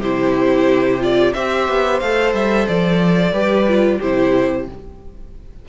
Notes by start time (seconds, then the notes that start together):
0.00 C3 E4 G4 C5
1.00 F4 D5
1.34 C4 G4 C5 E5
1.69 B3
2.00 A3 A4 F5
2.34 G3 E5
2.68 F3 D5
3.32 G3 G4 B4
3.69 F4
3.99 C3 E4 G4 C5